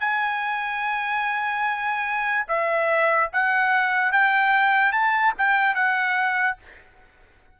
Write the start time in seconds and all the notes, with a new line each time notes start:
0.00 G#5
2.48 E5
3.33 F#5
4.12 G5
4.92 A5
5.38 G5
5.75 F#5